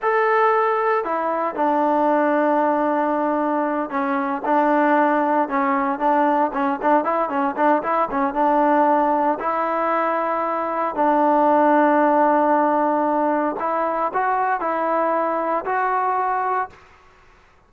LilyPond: \new Staff \with { instrumentName = "trombone" } { \time 4/4 \tempo 4 = 115 a'2 e'4 d'4~ | d'2.~ d'8 cis'8~ | cis'8 d'2 cis'4 d'8~ | d'8 cis'8 d'8 e'8 cis'8 d'8 e'8 cis'8 |
d'2 e'2~ | e'4 d'2.~ | d'2 e'4 fis'4 | e'2 fis'2 | }